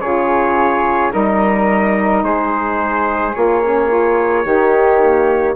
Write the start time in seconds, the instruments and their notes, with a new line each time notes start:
0.00 bassoon C#3, saxophone F4, flute G#4, trumpet C#5
1.10 bassoon G3, saxophone D#4, flute A#4, trumpet D#5
2.23 bassoon G#3, flute G#4, trumpet C5
3.34 bassoon A#3, saxophone F4, trumpet C#5
3.63 saxophone C#4
3.87 saxophone F4
4.44 bassoon D#3, saxophone D#4, flute G4
5.00 saxophone A#3